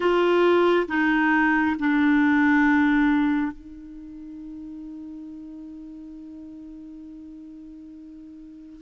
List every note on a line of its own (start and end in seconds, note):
0.00 0.86 F4
0.88 1.76 D#4
1.79 3.52 D4
3.52 8.81 D#4